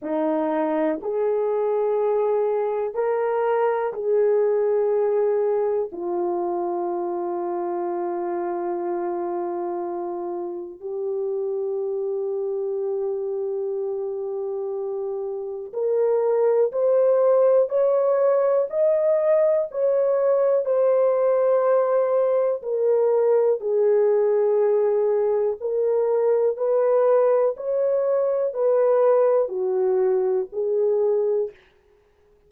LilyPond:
\new Staff \with { instrumentName = "horn" } { \time 4/4 \tempo 4 = 61 dis'4 gis'2 ais'4 | gis'2 f'2~ | f'2. g'4~ | g'1 |
ais'4 c''4 cis''4 dis''4 | cis''4 c''2 ais'4 | gis'2 ais'4 b'4 | cis''4 b'4 fis'4 gis'4 | }